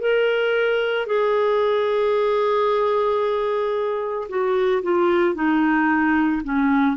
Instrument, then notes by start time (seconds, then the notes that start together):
clarinet
0.00 A#4
1.07 G#4
4.29 F#4
4.83 F4
5.35 D#4
6.44 C#4